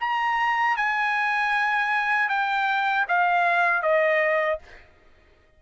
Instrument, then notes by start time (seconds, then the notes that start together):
trumpet
0.00 A#5
0.76 G#5
2.28 G5
3.08 F5
3.82 D#5